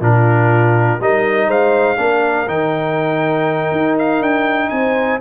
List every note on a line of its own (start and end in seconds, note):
0.00 0.99 A#2
0.00 0.99 D4
0.00 1.01 F4
0.00 1.01 A#4
0.99 1.47 G3
0.99 1.97 D#4
0.99 1.47 A#4
0.99 1.50 D#5
1.47 1.97 G#3
1.47 1.96 C5
1.47 2.48 F5
1.97 2.47 A#3
1.97 2.46 D4
1.97 4.71 A#4
2.47 3.71 D#3
2.47 5.20 D#4
2.47 3.97 G5
3.71 4.20 D#4
3.98 4.22 F5
4.20 4.70 D4
4.20 4.69 G5
4.69 5.20 C4
4.69 5.20 C5
4.69 5.19 G#5